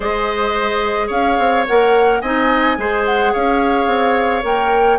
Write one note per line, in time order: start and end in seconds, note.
0.00 1.10 G#3
0.00 1.67 G#4
0.00 1.07 C5
0.00 1.09 D#5
1.07 1.37 C#4
1.07 2.18 C#5
1.07 1.66 F5
1.38 1.66 C4
1.66 2.22 A#3
1.66 2.23 A#4
1.66 2.20 F#5
2.20 2.77 C4
2.20 2.77 D#4
2.20 2.77 D#5
2.20 3.04 G#5
2.77 3.33 G#3
2.77 4.43 G#4
2.77 3.32 C5
3.05 3.33 F#5
3.32 3.86 C#4
3.32 4.98 C#5
3.32 4.44 F5
3.86 4.42 C4
4.43 4.98 A#3
4.43 4.98 A#4
4.43 4.98 G5